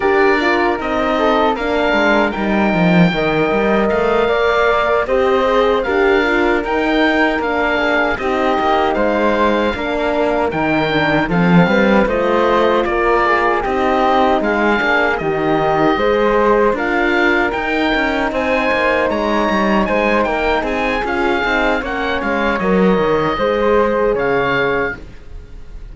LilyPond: <<
  \new Staff \with { instrumentName = "oboe" } { \time 4/4 \tempo 4 = 77 d''4 dis''4 f''4 g''4~ | g''4 f''4. dis''4 f''8~ | f''8 g''4 f''4 dis''4 f''8~ | f''4. g''4 f''4 dis''8~ |
dis''8 d''4 dis''4 f''4 dis''8~ | dis''4. f''4 g''4 gis''8~ | gis''8 ais''4 gis''8 g''8 gis''8 f''4 | fis''8 f''8 dis''2 f''4 | }
  \new Staff \with { instrumentName = "flute" } { \time 4/4 ais'4. a'8 ais'2 | dis''4. d''4 c''4 ais'8~ | ais'2 gis'8 g'4 c''8~ | c''8 ais'2 a'8 b'8 c''8~ |
c''8 ais'8 gis'8 g'4 gis'4 g'8~ | g'8 c''4 ais'2 c''8~ | c''8 cis''4 c''8 ais'8 gis'4. | cis''2 c''4 cis''4 | }
  \new Staff \with { instrumentName = "horn" } { \time 4/4 g'8 f'8 dis'4 d'4 dis'4 | ais'2~ ais'8 g'8 gis'8 g'8 | f'8 dis'4 d'4 dis'4.~ | dis'8 d'4 dis'8 d'8 c'4 f'8~ |
f'4. dis'4. d'8 dis'8~ | dis'8 gis'4 f'4 dis'4.~ | dis'2. f'8 dis'8 | cis'4 ais'4 gis'2 | }
  \new Staff \with { instrumentName = "cello" } { \time 4/4 d'4 c'4 ais8 gis8 g8 f8 | dis8 g8 a8 ais4 c'4 d'8~ | d'8 dis'4 ais4 c'8 ais8 gis8~ | gis8 ais4 dis4 f8 g8 a8~ |
a8 ais4 c'4 gis8 ais8 dis8~ | dis8 gis4 d'4 dis'8 cis'8 c'8 | ais8 gis8 g8 gis8 ais8 c'8 cis'8 c'8 | ais8 gis8 fis8 dis8 gis4 cis4 | }
>>